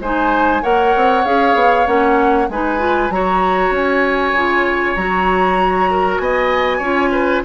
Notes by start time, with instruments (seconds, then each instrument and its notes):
0.00 bassoon G#3, clarinet D#4, oboe C5, flute G#5
0.62 bassoon A#3, clarinet A#4, oboe C#5, flute F#5
0.96 bassoon C4
1.25 bassoon C#4, clarinet G#4, flute F5
1.55 bassoon B3
1.86 bassoon A#3, clarinet C#4, flute F#5
2.49 bassoon G#3, clarinet D#4, oboe B4, flute G#5
2.79 clarinet F4
3.10 bassoon F#3, clarinet F#4, oboe C#5, flute A#5
3.70 bassoon C#4, flute G#5
4.33 bassoon C#3, clarinet F4
4.96 bassoon F#3, clarinet F#4, flute A#5
5.91 oboe A#4
6.19 bassoon B3, oboe D#5, flute G#5
6.78 bassoon C#4, clarinet F4, oboe C#5
7.12 oboe B4